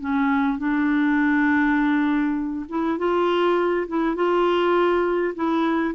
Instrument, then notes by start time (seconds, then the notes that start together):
clarinet
0.00 C#4
0.58 D4
2.68 E4
2.98 F4
3.87 E4
4.15 F4
5.35 E4